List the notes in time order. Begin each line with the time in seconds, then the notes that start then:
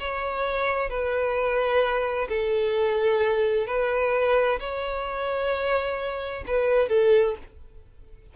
0.00 C#5
0.90 B4
2.29 A4
3.67 B4
4.60 C#5
6.47 B4
6.89 A4